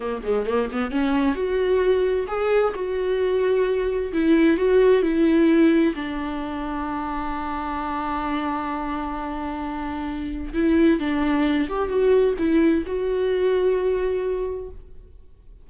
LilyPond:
\new Staff \with { instrumentName = "viola" } { \time 4/4 \tempo 4 = 131 ais8 gis8 ais8 b8 cis'4 fis'4~ | fis'4 gis'4 fis'2~ | fis'4 e'4 fis'4 e'4~ | e'4 d'2.~ |
d'1~ | d'2. e'4 | d'4. g'8 fis'4 e'4 | fis'1 | }